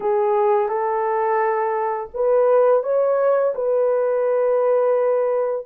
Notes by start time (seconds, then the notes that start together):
0.00 G#4
0.68 A4
2.14 B4
2.83 C#5
3.55 B4